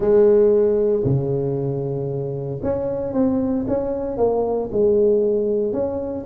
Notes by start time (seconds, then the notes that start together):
0.00 G#3
1.04 C#3
2.62 C#4
3.13 C4
3.67 C#4
4.17 A#3
4.71 G#3
5.72 C#4